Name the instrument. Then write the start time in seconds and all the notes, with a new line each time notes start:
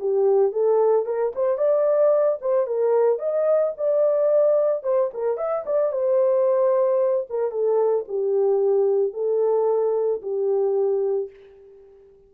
horn
0.00 G4
0.52 A4
1.06 A#4
1.36 C5
1.58 D5
2.42 C5
2.67 A#4
3.19 D#5
3.78 D5
4.84 C5
5.14 A#4
5.38 E5
5.66 D5
5.92 C5
7.30 A#4
7.51 A4
8.08 G4
9.14 A4
10.22 G4